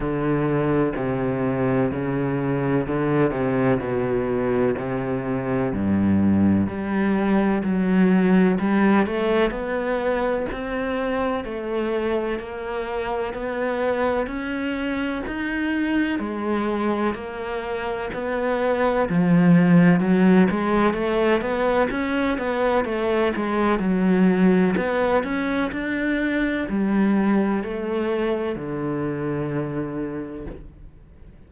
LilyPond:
\new Staff \with { instrumentName = "cello" } { \time 4/4 \tempo 4 = 63 d4 c4 cis4 d8 c8 | b,4 c4 g,4 g4 | fis4 g8 a8 b4 c'4 | a4 ais4 b4 cis'4 |
dis'4 gis4 ais4 b4 | f4 fis8 gis8 a8 b8 cis'8 b8 | a8 gis8 fis4 b8 cis'8 d'4 | g4 a4 d2 | }